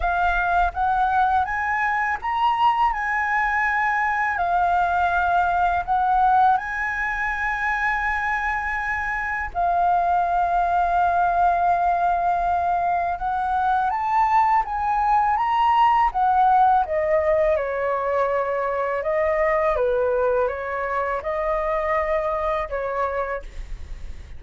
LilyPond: \new Staff \with { instrumentName = "flute" } { \time 4/4 \tempo 4 = 82 f''4 fis''4 gis''4 ais''4 | gis''2 f''2 | fis''4 gis''2.~ | gis''4 f''2.~ |
f''2 fis''4 a''4 | gis''4 ais''4 fis''4 dis''4 | cis''2 dis''4 b'4 | cis''4 dis''2 cis''4 | }